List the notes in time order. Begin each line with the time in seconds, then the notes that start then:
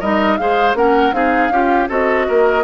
0.00 G3 D#4 A#4 D#5
0.38 G#3 G#4 C5 F5
0.74 A#3 C#4 A#4 F#5
1.13 C4 D#4 G#4 F5
1.49 C#4 F4 G4
1.88 C4 F#4 A4 D#5
2.28 A#3 A#4